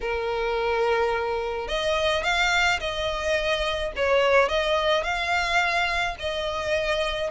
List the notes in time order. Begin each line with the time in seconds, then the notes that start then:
0.01 A#4
1.67 D#5
2.23 F5
2.80 D#5
3.96 C#5
4.48 D#5
5.03 F5
6.19 D#5